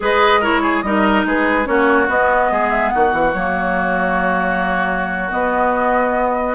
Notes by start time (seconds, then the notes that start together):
0.00 G#3 G#4 B4 D#5
0.40 E4 A#4 C#5
0.62 G#4
0.82 G3 D#4 A#4 D#5
1.25 G#3 G#4 B4
1.64 A#3 C#4 F#4 C#5
2.07 B3 D#5
2.50 G#3 G#4
2.71 E5
2.89 D#3 F#4 F#5
3.13 E3
3.33 F#3 A#3 C#5
5.30 B3 D#5